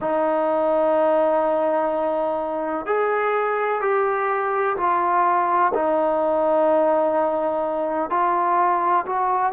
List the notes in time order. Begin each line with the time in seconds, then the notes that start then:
0.00 D#4
2.86 G#4
3.81 G4
4.77 F4
5.74 D#4
8.10 F4
9.06 F#4